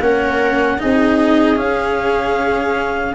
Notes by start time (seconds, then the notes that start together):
0.00 A#3 C#4 A#4 F#5
0.78 C4 D#4 G#4 D#5
1.56 C#4 F5